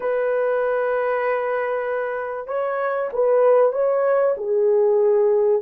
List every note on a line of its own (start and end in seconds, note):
0.00 2.47 B4
2.47 3.09 C#5
3.12 3.72 B4
3.72 4.35 C#5
4.37 5.62 G#4